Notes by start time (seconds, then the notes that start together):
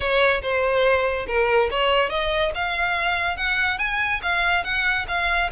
0.00 C#5
0.41 C5
1.27 A#4
1.71 C#5
2.09 D#5
2.54 F5
3.36 F#5
3.78 G#5
4.22 F5
4.63 F#5
5.07 F5